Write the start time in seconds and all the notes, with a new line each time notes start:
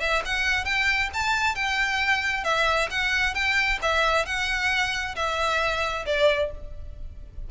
0.00 E5
0.25 F#5
0.65 G5
1.14 A5
1.55 G5
2.44 E5
2.90 F#5
3.34 G5
3.82 E5
4.25 F#5
5.16 E5
6.06 D5